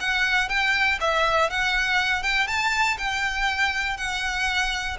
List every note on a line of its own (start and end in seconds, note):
0.00 0.49 F#5
0.49 0.99 G5
1.00 1.50 E5
1.50 2.23 F#5
2.23 2.47 G5
2.47 2.97 A5
2.98 3.97 G5
3.97 4.97 F#5